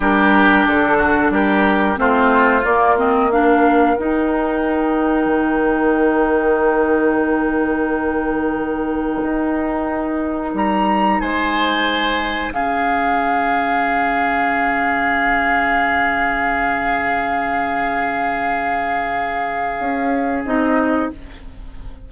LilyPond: <<
  \new Staff \with { instrumentName = "flute" } { \time 4/4 \tempo 4 = 91 ais'4 a'4 ais'4 c''4 | d''8 dis''8 f''4 g''2~ | g''1~ | g''1 |
ais''4 gis''2 f''4~ | f''1~ | f''1~ | f''2. dis''4 | }
  \new Staff \with { instrumentName = "oboe" } { \time 4/4 g'4. fis'8 g'4 f'4~ | f'4 ais'2.~ | ais'1~ | ais'1~ |
ais'4 c''2 gis'4~ | gis'1~ | gis'1~ | gis'1 | }
  \new Staff \with { instrumentName = "clarinet" } { \time 4/4 d'2. c'4 | ais8 c'8 d'4 dis'2~ | dis'1~ | dis'1~ |
dis'2. cis'4~ | cis'1~ | cis'1~ | cis'2. dis'4 | }
  \new Staff \with { instrumentName = "bassoon" } { \time 4/4 g4 d4 g4 a4 | ais2 dis'2 | dis1~ | dis2 dis'2 |
g4 gis2 cis4~ | cis1~ | cis1~ | cis2 cis'4 c'4 | }
>>